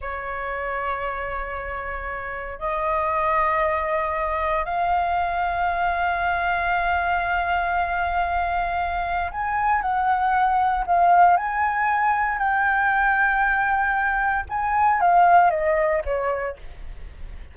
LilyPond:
\new Staff \with { instrumentName = "flute" } { \time 4/4 \tempo 4 = 116 cis''1~ | cis''4 dis''2.~ | dis''4 f''2.~ | f''1~ |
f''2 gis''4 fis''4~ | fis''4 f''4 gis''2 | g''1 | gis''4 f''4 dis''4 cis''4 | }